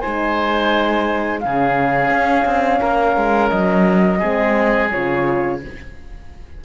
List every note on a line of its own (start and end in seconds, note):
0.00 1.44 G#3
0.00 1.43 D#4
0.00 1.40 C5
0.00 1.40 G#5
1.40 2.10 C#3
1.40 4.21 C#4
1.40 2.81 G#4
1.40 3.49 F5
2.10 2.45 C#4
2.45 2.80 C4
2.81 3.16 A#3
2.81 4.19 A#4
3.16 3.51 G#3
3.49 4.22 F#3
3.49 4.89 D#5
4.19 4.93 G#3
4.19 4.91 C4
4.19 5.59 G#4
4.90 5.64 C#3
4.90 5.61 F4
4.90 5.60 C#5